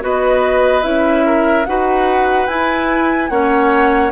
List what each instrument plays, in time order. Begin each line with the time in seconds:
0.00 bassoon B3, clarinet F#4, oboe B4, flute D#5
0.82 bassoon C#4, clarinet E4, flute E5
1.26 oboe A#4
1.65 bassoon D#4, clarinet F#4, oboe B4, flute F#5
2.47 bassoon E4, clarinet E4, flute G#5
3.29 bassoon A#3, clarinet C#4, oboe C#5, flute F#5